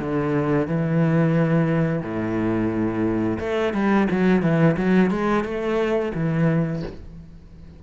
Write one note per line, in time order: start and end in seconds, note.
0.00 0.68 D3
0.68 2.03 E3
2.03 3.39 A2
3.40 3.74 A3
3.74 4.08 G3
4.11 4.43 F#3
4.43 4.77 E3
4.77 5.11 F#3
5.11 5.45 G#3
5.45 6.13 A3
6.15 6.83 E3